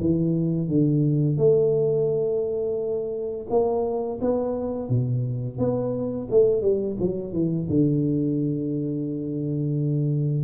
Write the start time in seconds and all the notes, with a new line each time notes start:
0.00 E3
0.68 D3
1.37 A3
3.50 A#3
4.21 B3
4.89 B2
5.58 B3
6.30 A3
6.62 G3
7.00 F#3
7.32 E3
7.69 D3